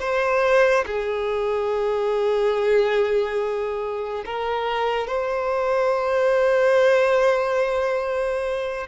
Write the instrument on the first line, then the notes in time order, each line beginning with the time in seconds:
violin
0.00 C5
0.86 G#4
4.26 A#4
5.07 C5